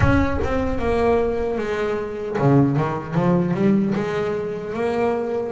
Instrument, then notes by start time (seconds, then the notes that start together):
double bass
0.00 C#4
0.43 C4
0.79 A#3
1.58 G#3
2.38 C#3
2.76 D#3
3.14 F3
3.53 G3
3.94 G#3
4.73 A#3